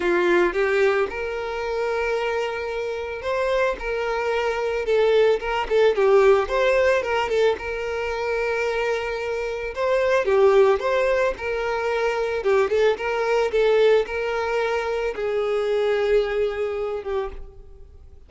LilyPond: \new Staff \with { instrumentName = "violin" } { \time 4/4 \tempo 4 = 111 f'4 g'4 ais'2~ | ais'2 c''4 ais'4~ | ais'4 a'4 ais'8 a'8 g'4 | c''4 ais'8 a'8 ais'2~ |
ais'2 c''4 g'4 | c''4 ais'2 g'8 a'8 | ais'4 a'4 ais'2 | gis'2.~ gis'8 g'8 | }